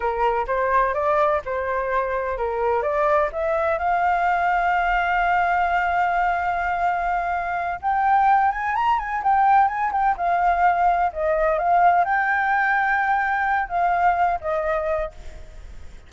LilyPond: \new Staff \with { instrumentName = "flute" } { \time 4/4 \tempo 4 = 127 ais'4 c''4 d''4 c''4~ | c''4 ais'4 d''4 e''4 | f''1~ | f''1~ |
f''8 g''4. gis''8 ais''8 gis''8 g''8~ | g''8 gis''8 g''8 f''2 dis''8~ | dis''8 f''4 g''2~ g''8~ | g''4 f''4. dis''4. | }